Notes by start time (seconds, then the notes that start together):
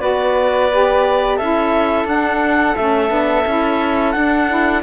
0.00 B3 F#4 B4 D5
0.72 G4
1.37 C#4 E4 A4 E5
2.05 D4 F#5
2.76 A3 C#4 E5
3.10 B3 D4
3.46 C#4 E4
4.12 D4 F#5
4.49 E4